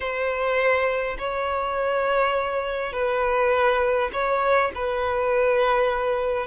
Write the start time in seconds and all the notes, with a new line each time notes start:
0.00 C5
1.18 C#5
2.93 B4
4.12 C#5
4.75 B4